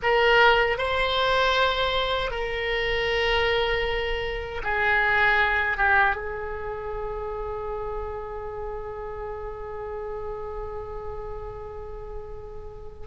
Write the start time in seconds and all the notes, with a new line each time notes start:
0.02 A#4
0.78 C5
2.30 A#4
4.63 G#4
5.77 G4
6.15 G#4